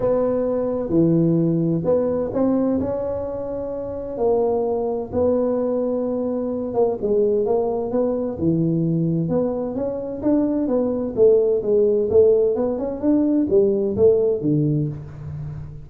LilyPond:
\new Staff \with { instrumentName = "tuba" } { \time 4/4 \tempo 4 = 129 b2 e2 | b4 c'4 cis'2~ | cis'4 ais2 b4~ | b2~ b8 ais8 gis4 |
ais4 b4 e2 | b4 cis'4 d'4 b4 | a4 gis4 a4 b8 cis'8 | d'4 g4 a4 d4 | }